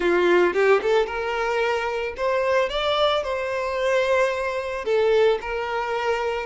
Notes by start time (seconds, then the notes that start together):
0.00 F4
0.53 G4
0.82 A4
1.06 A#4
2.16 C5
2.69 D5
3.23 C5
4.85 A4
5.41 A#4